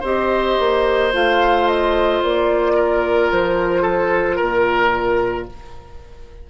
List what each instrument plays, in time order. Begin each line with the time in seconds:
0.00 bassoon C4, clarinet G4, oboe C5, flute D#5
0.59 bassoon A#3
1.13 bassoon A3, clarinet F4, flute F5
1.68 flute D#5
2.23 bassoon A#3, flute D5
2.75 oboe A#4
3.32 bassoon F3, flute C5
3.82 oboe A4
4.36 bassoon A#2, oboe A#4, flute A#4